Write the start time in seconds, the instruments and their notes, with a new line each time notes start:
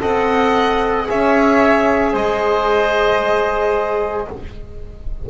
0.00 double bass C4, trombone A4, oboe D#5, violin F#5
1.06 double bass C#4, trombone G#4, oboe C#5, violin E5
2.12 double bass G#3, oboe C5, violin D#5